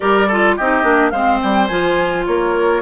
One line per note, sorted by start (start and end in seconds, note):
0.00 0.58 G3
0.00 0.27 G4
0.00 0.27 A#4
0.00 0.55 D5
0.27 0.59 F4
0.27 0.55 A4
0.56 0.83 C4
0.56 0.82 D#4
0.56 1.11 G4
0.56 1.10 D#5
0.82 1.11 A#3
0.82 1.11 D4
1.10 1.40 G#3
1.10 1.69 C4
1.10 2.25 C5
1.10 1.38 F5
1.42 1.70 G3
1.42 1.67 G5
1.67 2.26 F3
1.67 2.82 F4
1.67 2.24 G#5
2.26 2.82 A#3
2.26 2.82 A#4
2.26 2.82 C#5